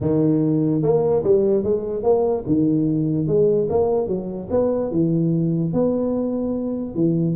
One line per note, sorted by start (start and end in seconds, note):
0.01 0.82 D#3
0.82 1.23 A#3
1.23 1.63 G3
1.63 2.03 G#3
2.03 2.44 A#3
2.46 3.27 D#3
3.27 3.68 G#3
3.69 4.07 A#3
4.07 4.48 F#3
4.50 4.91 B3
4.91 5.73 E3
5.73 6.94 B3
6.94 7.35 E3